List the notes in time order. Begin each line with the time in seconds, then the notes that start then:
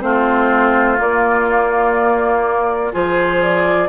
0.00 A3 C4 F4 C5
0.96 A#3 D5
2.92 F3 F4 G#4 C5
3.42 D5